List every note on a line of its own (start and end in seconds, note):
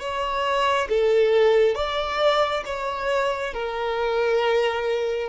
0.00 0.88 C#5
0.89 1.75 A4
1.75 2.64 D5
2.66 3.53 C#5
3.53 5.29 A#4